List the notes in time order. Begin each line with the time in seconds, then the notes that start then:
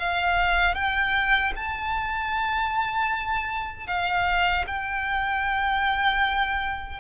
0.00 F5
0.75 G5
1.56 A5
3.87 F5
4.68 G5